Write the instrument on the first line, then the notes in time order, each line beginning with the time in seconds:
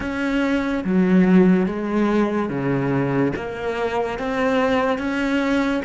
cello
0.00 C#4
0.84 F#3
1.66 G#3
2.48 C#3
3.36 A#3
4.19 C4
4.98 C#4